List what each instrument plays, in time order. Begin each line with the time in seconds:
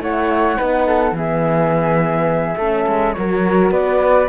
0.00 cello A3, horn E4, flute C#5 F#5
0.57 cello B3, horn D#4, flute B4
0.87 flute A4
1.12 cello E3, horn B3, flute G#4 E5
2.57 cello A3, horn C#4, flute A4
2.87 cello G#3
3.14 cello F#3, horn F#4, flute A#4 C#5
3.71 cello B3, flute B4 D5